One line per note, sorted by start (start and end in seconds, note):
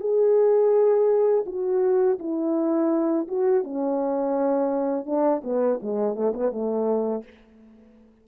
0.00 1.45 G#4
1.46 2.19 F#4
2.19 3.27 E4
3.28 3.63 F#4
3.63 5.06 C#4
5.06 5.42 D4
5.44 5.80 B3
5.82 6.15 G#3
6.15 6.33 A3
6.34 6.52 B3
6.52 7.24 A3